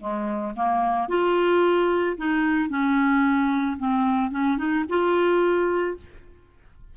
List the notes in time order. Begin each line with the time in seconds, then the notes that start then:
0.00 G#3
0.57 A#3
1.09 F4
2.17 D#4
2.70 C#4
3.79 C4
4.31 C#4
4.58 D#4
4.89 F4